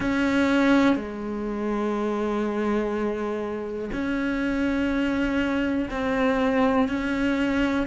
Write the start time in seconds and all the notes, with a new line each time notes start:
0.00 C#4
0.96 G#3
3.92 C#4
5.90 C4
6.88 C#4